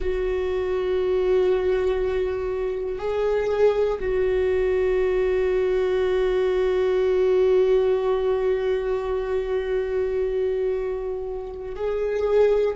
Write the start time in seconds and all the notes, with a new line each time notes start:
0.00 F#4
2.99 G#4
4.00 F#4
11.75 G#4